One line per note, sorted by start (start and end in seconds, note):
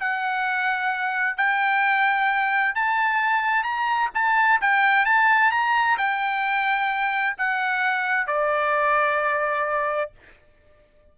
0.00 1.37 F#5
1.37 2.75 G5
2.75 3.64 A5
3.64 4.10 A#5
4.15 4.61 A5
4.61 5.06 G5
5.06 5.52 A5
5.52 5.98 A#5
5.98 7.37 G5
7.38 8.27 F#5
8.27 10.12 D5